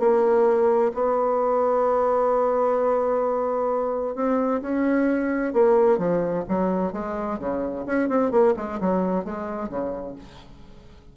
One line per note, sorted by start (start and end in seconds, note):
0.00 0.92 A#3
0.95 4.16 B3
4.16 4.62 C4
4.62 5.54 C#4
5.54 5.98 A#3
5.98 6.44 F3
6.49 6.93 F#3
6.93 7.39 G#3
7.40 7.86 C#3
7.86 8.09 C#4
8.09 8.32 C4
8.32 8.55 A#3
8.57 8.80 G#3
8.81 9.25 F#3
9.25 9.69 G#3
9.69 10.16 C#3